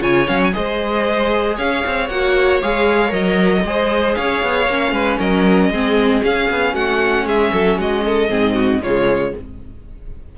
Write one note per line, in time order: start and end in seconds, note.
0.00 0.27 C#3
0.00 0.26 F4
0.00 0.53 C#5
0.00 0.28 G#5
0.26 0.55 F#3
0.26 0.52 C#4
0.26 0.41 F5
0.44 0.54 G#5
0.52 1.58 G#3
0.52 2.08 G#4
0.52 1.56 C5
0.52 1.57 D#5
1.56 1.84 C#4
1.56 3.63 C#5
1.56 2.09 F5
1.86 2.09 C4
2.09 2.61 A#3
2.09 2.62 F#4
2.09 2.60 F#5
2.62 3.12 G#3
2.62 3.09 G#4
2.62 3.13 F5
3.09 3.64 F#3
3.09 3.61 A#4
3.09 4.15 D#5
3.64 4.16 G#3
3.64 4.69 G#4
3.64 4.18 C5
4.15 4.42 C#4
4.15 4.92 C#5
4.15 5.18 F5
4.42 4.67 B3
4.67 4.91 A#3
4.67 5.73 C#4
4.91 5.17 G#3
4.91 5.18 B4
5.19 5.70 F#3
5.19 5.70 A#4
5.19 6.23 D#5
5.70 6.22 G#3
5.70 6.22 C4
5.70 6.74 G#4
6.22 8.28 C#4
6.22 6.50 C#4
6.22 6.75 F5
6.50 6.73 B3
6.73 7.25 A3
6.73 7.25 F#4
6.73 7.27 F#5
7.25 7.51 G#3
7.25 7.52 G#4
7.25 7.80 E5
7.53 7.78 F#3
7.53 7.78 A4
7.78 8.30 G#3
7.78 8.04 F#4
7.78 8.83 D#5
8.05 8.30 A4
8.29 8.81 G#2
8.29 8.80 C4
8.29 8.55 G#4
8.55 8.81 F#4
8.81 9.33 C#3
8.81 9.38 G#3
8.81 9.35 F4
8.81 9.34 C#5